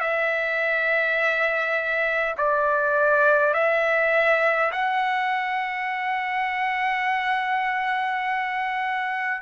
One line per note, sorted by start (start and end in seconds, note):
0.00 2.35 E5
2.37 3.53 D5
3.53 4.71 E5
4.72 9.41 F#5